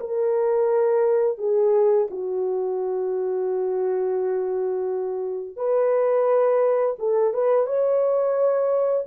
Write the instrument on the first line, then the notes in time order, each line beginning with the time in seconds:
horn
0.00 A#4
1.38 G#4
2.10 F#4
5.57 B4
6.99 A4
7.34 B4
7.66 C#5